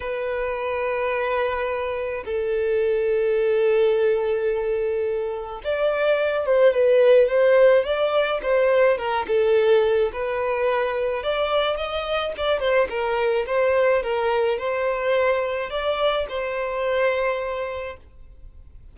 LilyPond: \new Staff \with { instrumentName = "violin" } { \time 4/4 \tempo 4 = 107 b'1 | a'1~ | a'2 d''4. c''8 | b'4 c''4 d''4 c''4 |
ais'8 a'4. b'2 | d''4 dis''4 d''8 c''8 ais'4 | c''4 ais'4 c''2 | d''4 c''2. | }